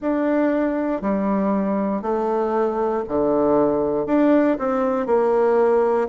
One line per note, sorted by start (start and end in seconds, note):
0.00 1.01 D4
1.01 2.02 G3
2.02 3.03 A3
3.08 4.06 D3
4.06 4.57 D4
4.59 5.06 C4
5.06 6.07 A#3